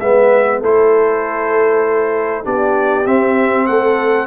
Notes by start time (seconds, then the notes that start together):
0.00 G#3 B3 B4 E5
0.61 A3 E4 A4 C5
2.44 B3 D4 G4 D5
3.06 C4 E5
3.67 A3 A4 F#5